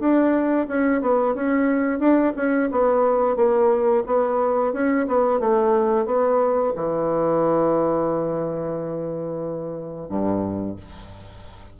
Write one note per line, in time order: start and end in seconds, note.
0.00 0.67 D4
0.68 1.02 C#4
1.02 1.35 B3
1.35 1.99 C#4
1.99 2.33 D4
2.37 2.70 C#4
2.72 3.36 B3
3.36 4.04 A#3
4.07 4.73 B3
4.73 5.07 C#4
5.07 5.40 B3
5.40 6.06 A3
6.06 6.74 B3
6.76 10.09 E3
10.09 10.77 G2